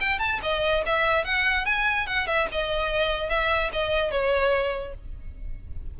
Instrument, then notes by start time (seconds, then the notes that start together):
violin
0.00 G5
0.19 A5
0.42 D#5
0.85 E5
1.24 F#5
1.65 G#5
2.06 F#5
2.26 E5
2.51 D#5
3.29 E5
3.72 D#5
4.10 C#5